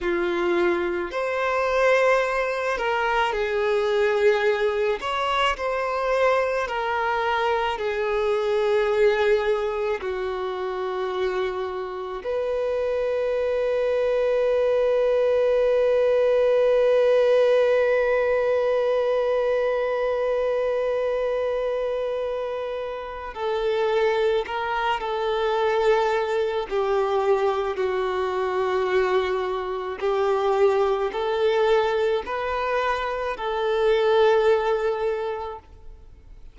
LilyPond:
\new Staff \with { instrumentName = "violin" } { \time 4/4 \tempo 4 = 54 f'4 c''4. ais'8 gis'4~ | gis'8 cis''8 c''4 ais'4 gis'4~ | gis'4 fis'2 b'4~ | b'1~ |
b'1~ | b'4 a'4 ais'8 a'4. | g'4 fis'2 g'4 | a'4 b'4 a'2 | }